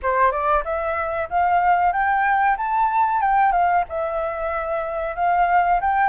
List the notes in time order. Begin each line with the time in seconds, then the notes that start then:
0.02 C5
0.31 D5
0.64 E5
1.29 F5
1.92 G5
2.57 A5
3.21 G5
3.52 F5
3.89 E5
5.15 F5
5.81 G5